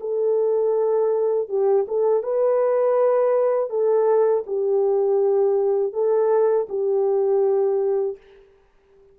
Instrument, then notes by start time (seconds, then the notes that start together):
horn
0.00 A4
1.48 G4
1.88 A4
2.23 B4
3.69 A4
4.46 G4
5.93 A4
6.69 G4